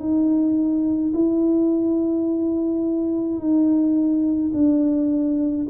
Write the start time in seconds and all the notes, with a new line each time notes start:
0.00 D#4
1.14 E4
3.39 D#4
4.54 D4